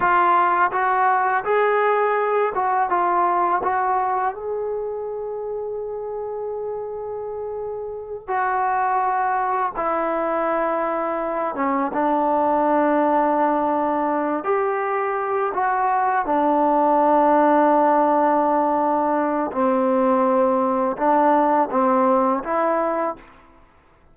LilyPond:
\new Staff \with { instrumentName = "trombone" } { \time 4/4 \tempo 4 = 83 f'4 fis'4 gis'4. fis'8 | f'4 fis'4 gis'2~ | gis'2.~ gis'8 fis'8~ | fis'4. e'2~ e'8 |
cis'8 d'2.~ d'8 | g'4. fis'4 d'4.~ | d'2. c'4~ | c'4 d'4 c'4 e'4 | }